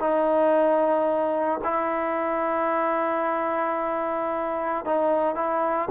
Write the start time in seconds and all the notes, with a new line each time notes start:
0.00 D#4
1.65 E4
4.86 D#4
5.35 E4